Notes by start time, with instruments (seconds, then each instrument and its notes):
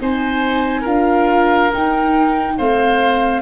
0.00 tuba C4, viola D#4, oboe C5, flute G#5
0.82 tuba D4, viola F4, oboe A#4, flute F5
1.73 viola D#4, tuba D#4, flute G5
2.58 tuba A3, viola C4, oboe C5, flute F5